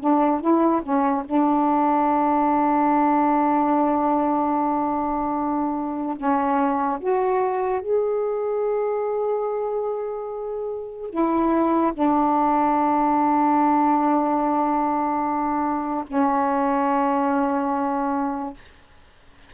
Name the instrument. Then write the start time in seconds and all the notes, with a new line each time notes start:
saxophone
0.00 D4
0.40 E4
0.83 C#4
1.25 D4
6.17 C#4
7.00 F#4
7.81 G#4
11.10 E4
11.93 D4
16.07 C#4